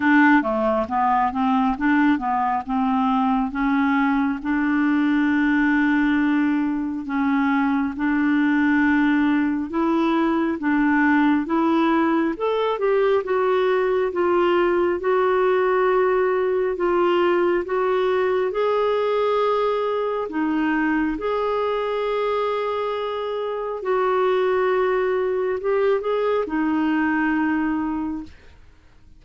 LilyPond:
\new Staff \with { instrumentName = "clarinet" } { \time 4/4 \tempo 4 = 68 d'8 a8 b8 c'8 d'8 b8 c'4 | cis'4 d'2. | cis'4 d'2 e'4 | d'4 e'4 a'8 g'8 fis'4 |
f'4 fis'2 f'4 | fis'4 gis'2 dis'4 | gis'2. fis'4~ | fis'4 g'8 gis'8 dis'2 | }